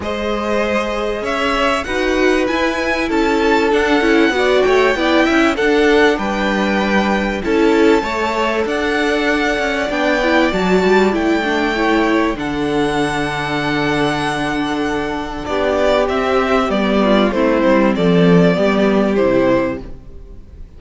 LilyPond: <<
  \new Staff \with { instrumentName = "violin" } { \time 4/4 \tempo 4 = 97 dis''2 e''4 fis''4 | gis''4 a''4 fis''4. g''8~ | g''4 fis''4 g''2 | a''2 fis''2 |
g''4 a''4 g''2 | fis''1~ | fis''4 d''4 e''4 d''4 | c''4 d''2 c''4 | }
  \new Staff \with { instrumentName = "violin" } { \time 4/4 c''2 cis''4 b'4~ | b'4 a'2 d''8 cis''8 | d''8 e''8 a'4 b'2 | a'4 cis''4 d''2~ |
d''2. cis''4 | a'1~ | a'4 g'2~ g'8 f'8 | e'4 a'4 g'2 | }
  \new Staff \with { instrumentName = "viola" } { \time 4/4 gis'2. fis'4 | e'2 d'8 e'8 fis'4 | e'4 d'2. | e'4 a'2. |
d'8 e'8 fis'4 e'8 d'8 e'4 | d'1~ | d'2 c'4 b4 | c'2 b4 e'4 | }
  \new Staff \with { instrumentName = "cello" } { \time 4/4 gis2 cis'4 dis'4 | e'4 cis'4 d'8 cis'8 b8 a8 | b8 cis'8 d'4 g2 | cis'4 a4 d'4. cis'8 |
b4 fis8 g8 a2 | d1~ | d4 b4 c'4 g4 | a8 g8 f4 g4 c4 | }
>>